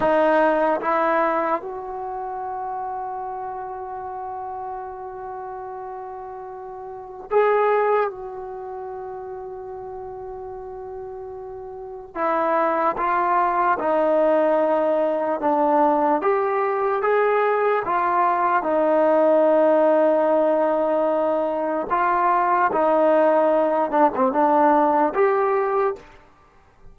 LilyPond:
\new Staff \with { instrumentName = "trombone" } { \time 4/4 \tempo 4 = 74 dis'4 e'4 fis'2~ | fis'1~ | fis'4 gis'4 fis'2~ | fis'2. e'4 |
f'4 dis'2 d'4 | g'4 gis'4 f'4 dis'4~ | dis'2. f'4 | dis'4. d'16 c'16 d'4 g'4 | }